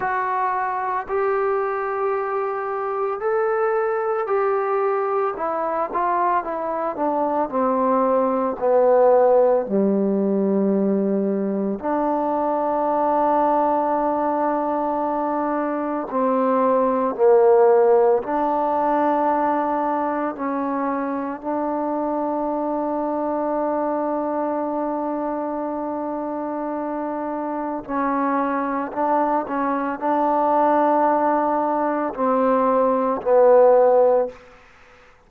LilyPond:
\new Staff \with { instrumentName = "trombone" } { \time 4/4 \tempo 4 = 56 fis'4 g'2 a'4 | g'4 e'8 f'8 e'8 d'8 c'4 | b4 g2 d'4~ | d'2. c'4 |
ais4 d'2 cis'4 | d'1~ | d'2 cis'4 d'8 cis'8 | d'2 c'4 b4 | }